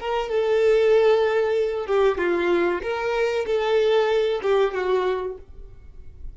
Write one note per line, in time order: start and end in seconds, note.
0.00 0.29 A#4
0.29 1.86 A4
1.86 2.18 G4
2.18 2.81 F4
2.82 3.45 A#4
3.46 4.41 A4
4.42 4.74 G4
4.74 5.37 F#4